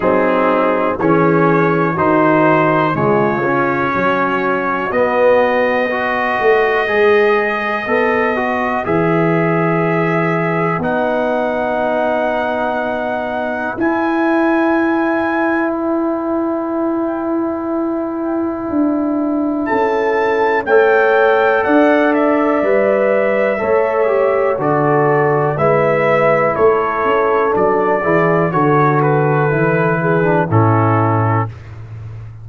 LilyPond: <<
  \new Staff \with { instrumentName = "trumpet" } { \time 4/4 \tempo 4 = 61 gis'4 cis''4 c''4 cis''4~ | cis''4 dis''2.~ | dis''4 e''2 fis''4~ | fis''2 gis''2 |
g''1 | a''4 g''4 fis''8 e''4.~ | e''4 d''4 e''4 cis''4 | d''4 cis''8 b'4. a'4 | }
  \new Staff \with { instrumentName = "horn" } { \time 4/4 dis'4 gis'4 fis'4 f'4 | fis'2 b'2~ | b'1~ | b'1~ |
b'1 | a'4 cis''4 d''2 | cis''4 a'4 b'4 a'4~ | a'8 gis'8 a'4. gis'8 e'4 | }
  \new Staff \with { instrumentName = "trombone" } { \time 4/4 c'4 cis'4 dis'4 gis8 cis'8~ | cis'4 b4 fis'4 gis'4 | a'8 fis'8 gis'2 dis'4~ | dis'2 e'2~ |
e'1~ | e'4 a'2 b'4 | a'8 g'8 fis'4 e'2 | d'8 e'8 fis'4 e'8. d'16 cis'4 | }
  \new Staff \with { instrumentName = "tuba" } { \time 4/4 fis4 e4 dis4 cis4 | fis4 b4. a8 gis4 | b4 e2 b4~ | b2 e'2~ |
e'2. d'4 | cis'4 a4 d'4 g4 | a4 d4 gis4 a8 cis'8 | fis8 e8 d4 e4 a,4 | }
>>